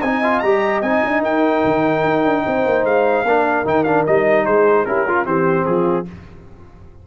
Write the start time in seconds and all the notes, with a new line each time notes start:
0.00 C4 D#4 D#5 G#5
0.23 F4
0.39 G3 G4 A#5
0.81 C4 D#4 G#5
1.04 D4
1.22 D#4 A#4 G5
1.64 D#3
2.04 D#4
2.24 D4
2.46 C4 C5
2.65 A#3
2.84 G#3 F5
3.23 A#3 D4 A#4
3.65 D#3 D#4 G5
3.83 D4 F5
4.06 G3 D#4 D#5
4.45 G#3 G#4 C5
4.85 C#4 E4 G4 A#4
5.06 F4
5.24 E3 C4 G4 C5
5.65 F3 F4 G#4